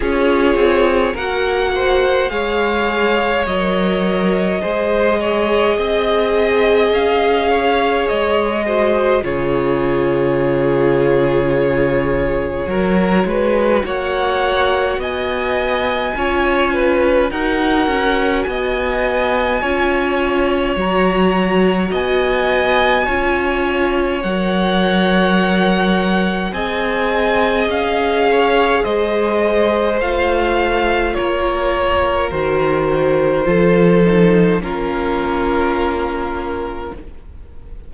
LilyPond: <<
  \new Staff \with { instrumentName = "violin" } { \time 4/4 \tempo 4 = 52 cis''4 fis''4 f''4 dis''4~ | dis''2 f''4 dis''4 | cis''1 | fis''4 gis''2 fis''4 |
gis''2 ais''4 gis''4~ | gis''4 fis''2 gis''4 | f''4 dis''4 f''4 cis''4 | c''2 ais'2 | }
  \new Staff \with { instrumentName = "violin" } { \time 4/4 gis'4 ais'8 c''8 cis''2 | c''8 cis''8 dis''4. cis''4 c''8 | gis'2. ais'8 b'8 | cis''4 dis''4 cis''8 b'8 ais'4 |
dis''4 cis''2 dis''4 | cis''2. dis''4~ | dis''8 cis''8 c''2 ais'4~ | ais'4 a'4 f'2 | }
  \new Staff \with { instrumentName = "viola" } { \time 4/4 f'4 fis'4 gis'4 ais'4 | gis'2.~ gis'8 fis'8 | f'2. fis'4~ | fis'2 f'4 fis'4~ |
fis'4 f'4 fis'2 | f'4 ais'2 gis'4~ | gis'2 f'2 | fis'4 f'8 dis'8 cis'2 | }
  \new Staff \with { instrumentName = "cello" } { \time 4/4 cis'8 c'8 ais4 gis4 fis4 | gis4 c'4 cis'4 gis4 | cis2. fis8 gis8 | ais4 b4 cis'4 dis'8 cis'8 |
b4 cis'4 fis4 b4 | cis'4 fis2 c'4 | cis'4 gis4 a4 ais4 | dis4 f4 ais2 | }
>>